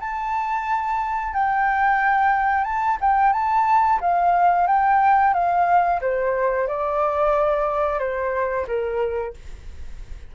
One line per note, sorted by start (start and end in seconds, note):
0.00 1.33 A5
1.34 2.64 G5
2.64 2.97 A5
3.01 3.33 G5
3.33 3.99 A5
4.01 4.67 F5
4.67 5.34 G5
5.34 6.00 F5
6.01 6.68 C5
6.68 7.99 D5
7.99 8.66 C5
8.67 9.34 A#4